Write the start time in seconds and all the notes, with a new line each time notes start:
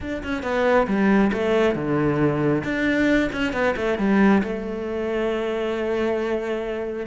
0.00 D4
0.23 C#4
0.42 B3
0.87 G3
1.32 A3
1.75 D3
2.64 D4
3.32 C#4
3.53 B3
3.76 A3
3.98 G3
4.43 A3